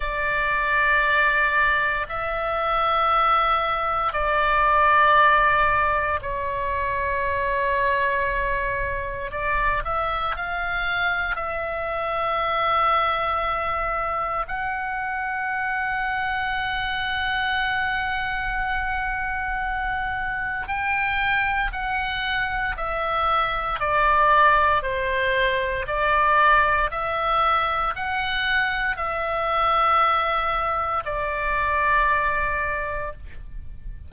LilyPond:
\new Staff \with { instrumentName = "oboe" } { \time 4/4 \tempo 4 = 58 d''2 e''2 | d''2 cis''2~ | cis''4 d''8 e''8 f''4 e''4~ | e''2 fis''2~ |
fis''1 | g''4 fis''4 e''4 d''4 | c''4 d''4 e''4 fis''4 | e''2 d''2 | }